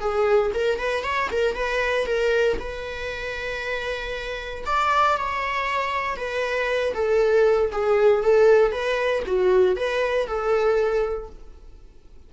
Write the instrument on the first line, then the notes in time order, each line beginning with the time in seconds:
viola
0.00 G#4
0.54 A#4
0.79 B4
1.03 C#5
1.31 A#4
1.55 B4
2.06 A#4
2.59 B4
4.66 D5
5.17 C#5
6.16 B4
6.94 A4
7.72 G#4
8.23 A4
8.72 B4
9.26 F#4
9.76 B4
10.27 A4